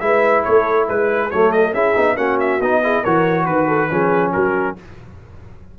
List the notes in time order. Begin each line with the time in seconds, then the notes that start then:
0.00 G#3 E4 B4 E5
0.44 A3 A4 C#5
0.89 G#3 B4
1.31 F#3 A3 A4 C#5
1.52 D#5
1.73 C#4 E4 G#4 E5
1.96 B3 D#4
2.17 A#3 C#4 F#4 F#5
2.40 E5
2.59 B3 D#4 D#5
2.83 E4 G#4
3.03 E3 F#4 A#4 C#5
3.46 D#3 B4
3.68 A4
3.90 F3 C#4 G#4
4.33 F#3 F#4 A#4